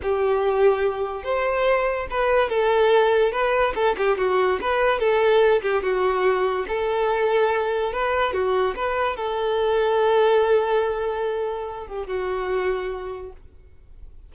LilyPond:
\new Staff \with { instrumentName = "violin" } { \time 4/4 \tempo 4 = 144 g'2. c''4~ | c''4 b'4 a'2 | b'4 a'8 g'8 fis'4 b'4 | a'4. g'8 fis'2 |
a'2. b'4 | fis'4 b'4 a'2~ | a'1~ | a'8 g'8 fis'2. | }